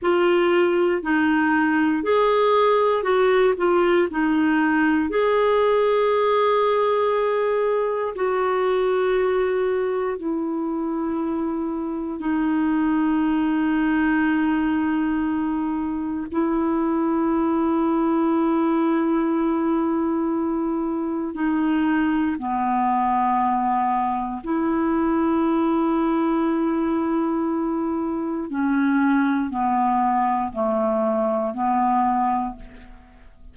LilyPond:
\new Staff \with { instrumentName = "clarinet" } { \time 4/4 \tempo 4 = 59 f'4 dis'4 gis'4 fis'8 f'8 | dis'4 gis'2. | fis'2 e'2 | dis'1 |
e'1~ | e'4 dis'4 b2 | e'1 | cis'4 b4 a4 b4 | }